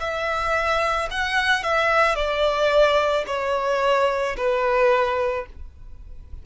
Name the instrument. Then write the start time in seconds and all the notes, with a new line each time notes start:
violin
0.00 E5
1.11 F#5
1.64 E5
2.15 D5
3.27 C#5
4.37 B4